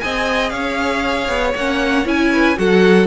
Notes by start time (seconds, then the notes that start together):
0.00 C4 G#4 D#5 G#5
0.49 C#4 C#5 F5
1.28 B3
1.55 A#3 C#4 F#5
2.05 C#4 E4 G#5
2.32 B4
2.56 F#3 F#4 A4 F#5